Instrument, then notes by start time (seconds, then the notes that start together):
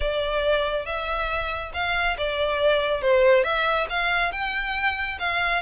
violin
0.00 D5
0.85 E5
1.73 F5
2.17 D5
3.01 C5
3.43 E5
3.89 F5
4.31 G5
5.19 F5